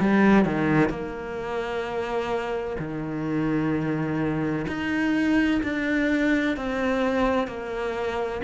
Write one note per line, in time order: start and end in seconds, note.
0.00 0.45 G3
0.45 0.89 D#3
0.89 2.77 A#3
2.79 4.67 D#3
4.67 5.61 D#4
5.63 6.57 D4
6.57 7.48 C4
7.48 8.42 A#3